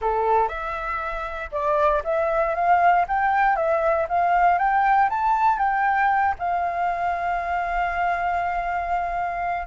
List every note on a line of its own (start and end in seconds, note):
0.01 0.48 A4
0.48 1.50 E5
1.51 2.02 D5
2.03 2.54 E5
2.54 3.05 F5
3.08 3.56 G5
3.56 4.07 E5
4.08 4.58 F5
4.58 5.09 G5
5.09 5.58 A5
5.58 6.34 G5
6.38 9.66 F5